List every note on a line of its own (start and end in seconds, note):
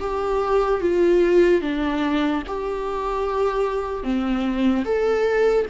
0.00 0.81 G4
0.81 1.61 F4
1.61 2.43 D4
2.47 4.03 G4
4.03 4.84 C4
4.85 5.66 A4